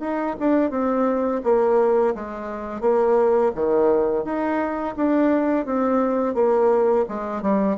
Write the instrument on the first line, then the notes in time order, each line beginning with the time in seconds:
bassoon
0.00 D#4
0.39 D4
0.70 C4
1.43 A#3
2.15 G#3
2.81 A#3
3.55 D#3
4.24 D#4
4.96 D4
5.65 C4
6.34 A#3
7.08 G#3
7.42 G3